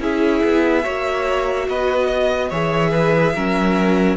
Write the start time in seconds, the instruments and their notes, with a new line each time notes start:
0.00 cello C#4, viola E4, violin G#4 E5
0.44 cello B3
0.84 cello A#3, viola F#4, violin C#5
1.69 cello B3, violin B4 D#5
2.07 violin D#5
2.50 cello E3, viola G#4, violin C#5 E5
2.92 violin B4
3.35 cello F#3, viola C#4, violin A#4